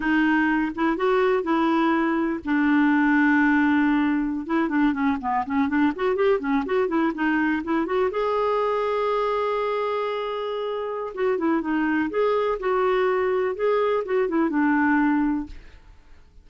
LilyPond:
\new Staff \with { instrumentName = "clarinet" } { \time 4/4 \tempo 4 = 124 dis'4. e'8 fis'4 e'4~ | e'4 d'2.~ | d'4~ d'16 e'8 d'8 cis'8 b8 cis'8 d'16~ | d'16 fis'8 g'8 cis'8 fis'8 e'8 dis'4 e'16~ |
e'16 fis'8 gis'2.~ gis'16~ | gis'2. fis'8 e'8 | dis'4 gis'4 fis'2 | gis'4 fis'8 e'8 d'2 | }